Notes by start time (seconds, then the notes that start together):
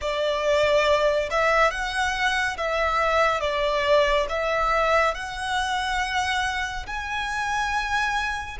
0.01 D5
1.30 E5
1.71 F#5
2.57 E5
3.40 D5
4.29 E5
5.14 F#5
6.86 G#5